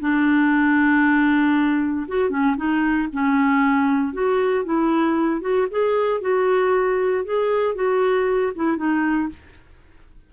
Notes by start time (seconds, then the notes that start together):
0.00 D4
2.08 F#4
2.30 C#4
2.57 D#4
3.13 C#4
4.13 F#4
4.65 E4
5.41 F#4
5.71 G#4
6.21 F#4
7.25 G#4
7.75 F#4
8.56 E4
8.77 D#4